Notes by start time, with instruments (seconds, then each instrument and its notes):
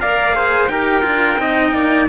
0.00 cello A#3 A#4, trumpet D5 F5
0.32 cello G#4, trumpet C5
0.67 cello D#4 G4, trumpet A#4 G5
1.01 cello D4 F4
1.37 cello C4 D#4, trumpet D#5
1.72 cello A#3, trumpet D5